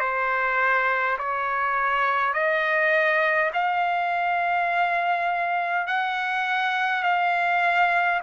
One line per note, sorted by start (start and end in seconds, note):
0.00 1.18 C5
1.18 2.34 C#5
2.34 3.51 D#5
3.54 5.87 F5
5.87 7.03 F#5
7.03 8.21 F5